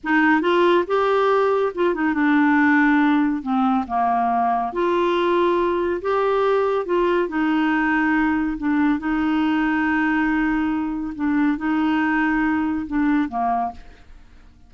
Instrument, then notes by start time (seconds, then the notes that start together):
clarinet
0.03 D#4
0.41 F4
0.87 G4
1.75 F4
1.94 D#4
2.14 D4
3.42 C4
3.87 A#3
4.72 F4
6.01 G4
6.85 F4
7.28 D#4
8.57 D4
8.99 D#4
11.15 D4
11.57 D#4
12.86 D4
13.28 A#3